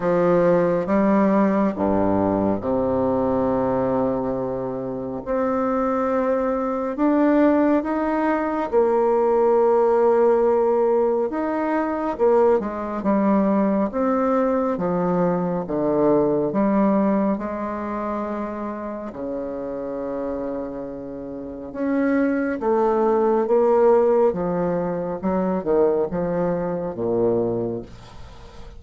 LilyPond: \new Staff \with { instrumentName = "bassoon" } { \time 4/4 \tempo 4 = 69 f4 g4 g,4 c4~ | c2 c'2 | d'4 dis'4 ais2~ | ais4 dis'4 ais8 gis8 g4 |
c'4 f4 d4 g4 | gis2 cis2~ | cis4 cis'4 a4 ais4 | f4 fis8 dis8 f4 ais,4 | }